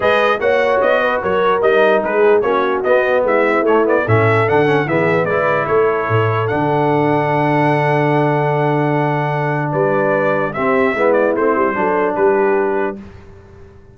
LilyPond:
<<
  \new Staff \with { instrumentName = "trumpet" } { \time 4/4 \tempo 4 = 148 dis''4 fis''4 dis''4 cis''4 | dis''4 b'4 cis''4 dis''4 | e''4 cis''8 d''8 e''4 fis''4 | e''4 d''4 cis''2 |
fis''1~ | fis''1 | d''2 e''4. d''8 | c''2 b'2 | }
  \new Staff \with { instrumentName = "horn" } { \time 4/4 b'4 cis''4. b'8 ais'4~ | ais'4 gis'4 fis'2 | e'2 a'2 | gis'4 b'4 a'2~ |
a'1~ | a'1 | b'2 g'4 e'4~ | e'4 a'4 g'2 | }
  \new Staff \with { instrumentName = "trombone" } { \time 4/4 gis'4 fis'2. | dis'2 cis'4 b4~ | b4 a8 b8 cis'4 d'8 cis'8 | b4 e'2. |
d'1~ | d'1~ | d'2 c'4 b4 | c'4 d'2. | }
  \new Staff \with { instrumentName = "tuba" } { \time 4/4 gis4 ais4 b4 fis4 | g4 gis4 ais4 b4 | gis4 a4 a,4 d4 | e4 gis4 a4 a,4 |
d1~ | d1 | g2 c'4 gis4 | a8 g8 fis4 g2 | }
>>